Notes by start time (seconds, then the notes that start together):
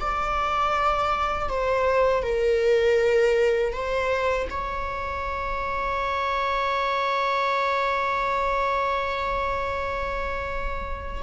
0.00 D5
1.49 C5
2.23 A#4
3.73 C5
4.50 C#5